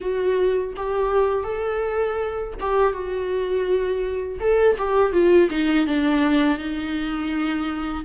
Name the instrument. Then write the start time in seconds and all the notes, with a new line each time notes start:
viola
0.00 F#4
0.76 G4
1.43 A4
2.60 G4
2.92 F#4
4.40 A4
4.78 G4
5.12 F4
5.50 D#4
5.86 D4
6.58 D#4